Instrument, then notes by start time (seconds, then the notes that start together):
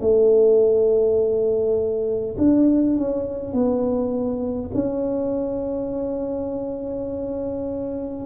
tuba
0.00 A3
2.37 D4
2.96 C#4
3.52 B3
4.74 C#4